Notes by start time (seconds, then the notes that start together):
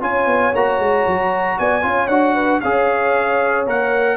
0.00 C#4 F4 C#5 G#5
0.26 B3
0.54 A#3 F#4 A#5
0.78 G#3
1.06 F#3
1.58 B3 D5 G#5
1.81 C#4 F4 C#5
2.07 D4 F#4 F#5
2.34 B4
2.60 C#4 G#4 C#5 F5
3.66 A#3 A#4 F#5